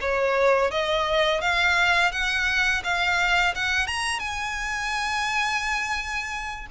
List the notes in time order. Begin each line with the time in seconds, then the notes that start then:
0.00 C#5
0.71 D#5
1.41 F5
2.11 F#5
2.83 F5
3.55 F#5
3.87 A#5
4.19 G#5